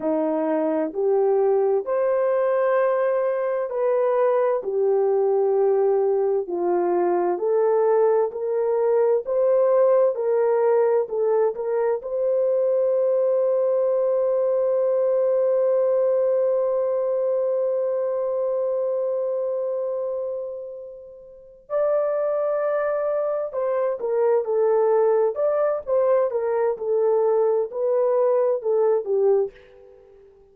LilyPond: \new Staff \with { instrumentName = "horn" } { \time 4/4 \tempo 4 = 65 dis'4 g'4 c''2 | b'4 g'2 f'4 | a'4 ais'4 c''4 ais'4 | a'8 ais'8 c''2.~ |
c''1~ | c''2.~ c''8 d''8~ | d''4. c''8 ais'8 a'4 d''8 | c''8 ais'8 a'4 b'4 a'8 g'8 | }